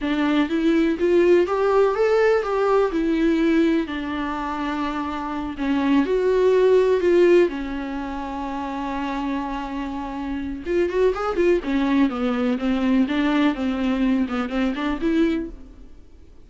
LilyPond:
\new Staff \with { instrumentName = "viola" } { \time 4/4 \tempo 4 = 124 d'4 e'4 f'4 g'4 | a'4 g'4 e'2 | d'2.~ d'8 cis'8~ | cis'8 fis'2 f'4 cis'8~ |
cis'1~ | cis'2 f'8 fis'8 gis'8 f'8 | cis'4 b4 c'4 d'4 | c'4. b8 c'8 d'8 e'4 | }